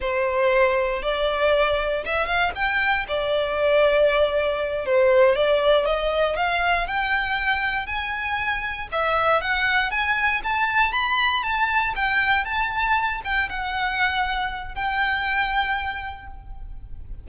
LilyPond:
\new Staff \with { instrumentName = "violin" } { \time 4/4 \tempo 4 = 118 c''2 d''2 | e''8 f''8 g''4 d''2~ | d''4. c''4 d''4 dis''8~ | dis''8 f''4 g''2 gis''8~ |
gis''4. e''4 fis''4 gis''8~ | gis''8 a''4 b''4 a''4 g''8~ | g''8 a''4. g''8 fis''4.~ | fis''4 g''2. | }